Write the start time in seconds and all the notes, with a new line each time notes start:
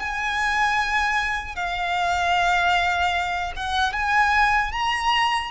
0.00 G#5
1.56 F5
3.56 F#5
3.93 G#5
4.72 A#5